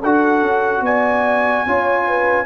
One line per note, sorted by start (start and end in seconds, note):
0.00 0.42 D4
0.00 1.67 F#4
0.00 0.82 A4
0.00 0.85 F#5
0.42 0.81 C#4
0.81 1.63 B3
0.81 1.67 D5
0.81 2.46 G#5
1.66 2.46 C#4
1.66 2.46 F4
1.66 2.08 C#5
2.08 2.46 B4